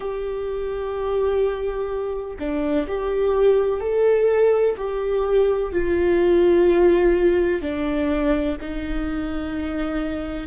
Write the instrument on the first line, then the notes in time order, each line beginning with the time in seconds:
viola
0.00 G4
2.39 D4
2.87 G4
3.80 A4
4.77 G4
5.72 F4
7.61 D4
8.61 D#4